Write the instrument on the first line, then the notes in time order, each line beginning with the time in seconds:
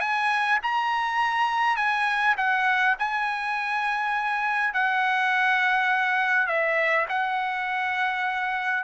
trumpet
0.00 G#5
0.63 A#5
1.77 G#5
2.38 F#5
2.99 G#5
4.74 F#5
6.48 E5
7.09 F#5